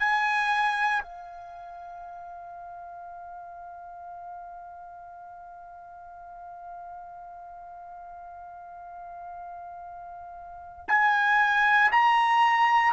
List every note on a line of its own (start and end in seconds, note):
0.00 1.03 G#5
1.03 10.85 F5
10.88 11.92 G#5
11.92 12.94 A#5